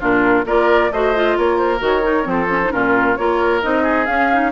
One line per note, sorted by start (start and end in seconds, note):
0.00 0.45 A#2
0.00 0.46 D4
0.00 0.45 F4
0.00 0.47 A#4
0.45 0.90 A#3
0.45 0.91 F4
0.45 0.91 A#4
0.45 0.92 D5
0.91 1.36 A3
0.91 1.15 F#4
0.91 1.37 C5
0.91 1.37 D#5
1.15 1.79 F4
1.37 1.80 A#3
1.37 2.28 A#4
1.37 1.57 C#5
1.57 1.80 C5
1.79 2.26 D#3
1.79 2.01 F#4
1.86 2.30 C#5
2.02 2.23 D#4
2.23 2.71 F3
2.23 2.46 C4
2.30 2.73 A4
2.30 2.71 C5
2.50 2.61 C#4
2.64 2.71 D#4
2.71 3.18 A#2
2.71 3.17 C#4
2.71 3.18 F4
2.71 3.16 A#4
3.16 3.63 A#3
3.16 3.61 F4
3.16 3.83 A#4
3.16 3.61 C#5
3.61 4.07 C4
3.61 4.07 D#4
3.61 4.05 D#5
3.83 4.50 G#4
4.05 4.30 C#4
4.05 4.52 C#4
4.05 4.51 F5
4.32 4.52 D#4